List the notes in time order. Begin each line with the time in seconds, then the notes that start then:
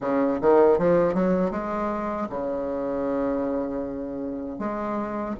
0.00 C#3
0.41 D#3
0.78 F3
1.14 F#3
1.50 G#3
2.29 C#3
4.58 G#3